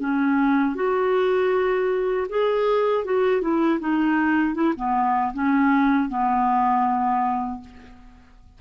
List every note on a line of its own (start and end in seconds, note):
0.00 0.75 C#4
0.75 2.27 F#4
2.29 3.05 G#4
3.05 3.41 F#4
3.41 3.79 E4
3.80 4.55 D#4
4.55 4.74 E4
4.76 5.33 B3
5.33 6.09 C#4
6.09 7.61 B3